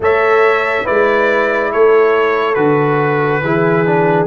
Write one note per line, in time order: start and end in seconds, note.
0.00 0.82 A3
0.00 0.84 A4
0.00 0.84 C#5
0.00 0.86 E5
0.84 1.73 G#3
0.84 2.55 E4
0.84 1.70 B4
0.84 1.72 D5
1.72 2.56 A3
1.72 3.44 A4
1.72 2.54 C#5
2.54 3.42 D3
2.54 3.41 F#4
2.54 4.26 B4
3.42 4.26 E3
3.42 3.86 E4
3.42 4.26 G#4
3.86 4.26 D4